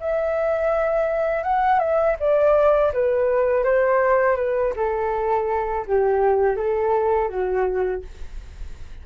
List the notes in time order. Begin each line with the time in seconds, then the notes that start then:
0.00 E5
1.43 F#5
1.79 E5
2.20 D5
2.93 B4
3.64 C5
4.36 B4
4.76 A4
5.87 G4
6.56 A4
7.29 F#4